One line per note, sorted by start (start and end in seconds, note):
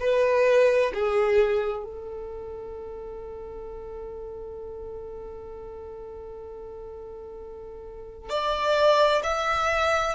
0.00 0.92 B4
0.94 1.84 G#4
1.84 8.30 A4
8.30 9.22 D5
9.23 10.15 E5